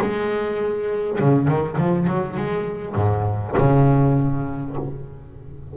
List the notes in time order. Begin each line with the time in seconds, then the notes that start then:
0.00 G#3
1.19 C#3
1.47 D#3
1.77 F3
2.07 F#3
2.36 G#3
2.95 G#2
3.57 C#3